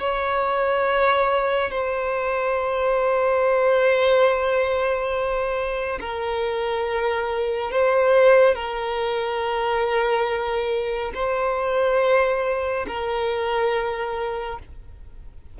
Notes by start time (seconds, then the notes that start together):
0.00 C#5
1.71 C5
6.00 A#4
7.72 C5
8.55 A#4
11.15 C5
12.88 A#4